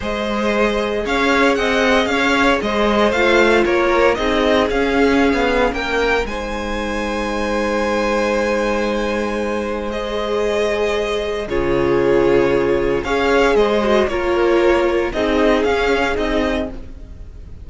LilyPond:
<<
  \new Staff \with { instrumentName = "violin" } { \time 4/4 \tempo 4 = 115 dis''2 f''4 fis''4 | f''4 dis''4 f''4 cis''4 | dis''4 f''2 g''4 | gis''1~ |
gis''2. dis''4~ | dis''2 cis''2~ | cis''4 f''4 dis''4 cis''4~ | cis''4 dis''4 f''4 dis''4 | }
  \new Staff \with { instrumentName = "violin" } { \time 4/4 c''2 cis''4 dis''4 | cis''4 c''2 ais'4 | gis'2. ais'4 | c''1~ |
c''1~ | c''2 gis'2~ | gis'4 cis''4 c''4 ais'4~ | ais'4 gis'2. | }
  \new Staff \with { instrumentName = "viola" } { \time 4/4 gis'1~ | gis'2 f'2 | dis'4 cis'2. | dis'1~ |
dis'2. gis'4~ | gis'2 f'2~ | f'4 gis'4. fis'8 f'4~ | f'4 dis'4 cis'4 dis'4 | }
  \new Staff \with { instrumentName = "cello" } { \time 4/4 gis2 cis'4 c'4 | cis'4 gis4 a4 ais4 | c'4 cis'4~ cis'16 b8. ais4 | gis1~ |
gis1~ | gis2 cis2~ | cis4 cis'4 gis4 ais4~ | ais4 c'4 cis'4 c'4 | }
>>